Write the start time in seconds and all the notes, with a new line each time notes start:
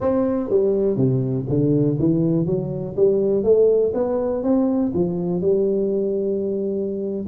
0.00 C4
0.49 G3
0.96 C3
1.48 D3
1.99 E3
2.46 F#3
2.96 G3
3.43 A3
3.93 B3
4.43 C4
4.94 F3
5.41 G3